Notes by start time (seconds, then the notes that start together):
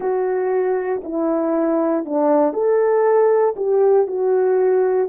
0.00 F#4
1.04 E4
2.05 D4
2.53 A4
3.56 G4
4.07 F#4